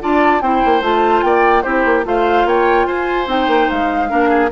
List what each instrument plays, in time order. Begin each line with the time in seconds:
0.00 bassoon D4, clarinet F4, oboe D5, flute A5
0.41 bassoon C4, clarinet E4, oboe C5, flute G5
0.65 bassoon A#3
0.81 bassoon A3, clarinet F4, flute A5
1.22 bassoon A#3, oboe D5, flute G5
1.62 bassoon C4, clarinet E4, oboe G4, flute C5
1.84 bassoon A#3
2.04 bassoon A3, clarinet F4, oboe C5, flute F5
2.44 bassoon A#3, oboe C#5, flute G5
2.86 bassoon F4, oboe C5, flute G#5
3.26 bassoon C4, clarinet D#4, flute G5
3.47 bassoon A#3
3.70 bassoon G#3, flute F5
4.08 bassoon A#3, clarinet D4, oboe A#4
4.29 oboe G#4